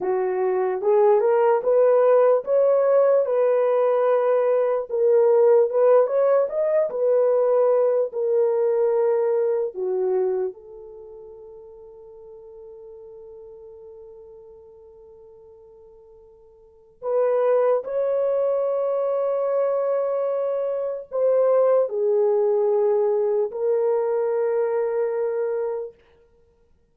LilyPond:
\new Staff \with { instrumentName = "horn" } { \time 4/4 \tempo 4 = 74 fis'4 gis'8 ais'8 b'4 cis''4 | b'2 ais'4 b'8 cis''8 | dis''8 b'4. ais'2 | fis'4 a'2.~ |
a'1~ | a'4 b'4 cis''2~ | cis''2 c''4 gis'4~ | gis'4 ais'2. | }